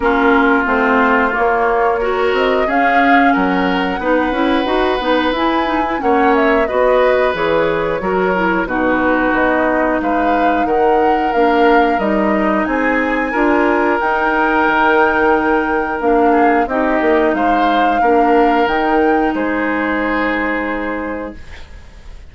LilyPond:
<<
  \new Staff \with { instrumentName = "flute" } { \time 4/4 \tempo 4 = 90 ais'4 c''4 cis''4. dis''8 | f''4 fis''2. | gis''4 fis''8 e''8 dis''4 cis''4~ | cis''4 b'4 dis''4 f''4 |
fis''4 f''4 dis''4 gis''4~ | gis''4 g''2. | f''4 dis''4 f''2 | g''4 c''2. | }
  \new Staff \with { instrumentName = "oboe" } { \time 4/4 f'2. ais'4 | gis'4 ais'4 b'2~ | b'4 cis''4 b'2 | ais'4 fis'2 b'4 |
ais'2. gis'4 | ais'1~ | ais'8 gis'8 g'4 c''4 ais'4~ | ais'4 gis'2. | }
  \new Staff \with { instrumentName = "clarinet" } { \time 4/4 cis'4 c'4 ais4 fis'4 | cis'2 dis'8 e'8 fis'8 dis'8 | e'8 dis'16 e'16 cis'4 fis'4 gis'4 | fis'8 e'8 dis'2.~ |
dis'4 d'4 dis'2 | f'4 dis'2. | d'4 dis'2 d'4 | dis'1 | }
  \new Staff \with { instrumentName = "bassoon" } { \time 4/4 ais4 a4 ais4. c'8 | cis'4 fis4 b8 cis'8 dis'8 b8 | e'4 ais4 b4 e4 | fis4 b,4 b4 gis4 |
dis4 ais4 g4 c'4 | d'4 dis'4 dis2 | ais4 c'8 ais8 gis4 ais4 | dis4 gis2. | }
>>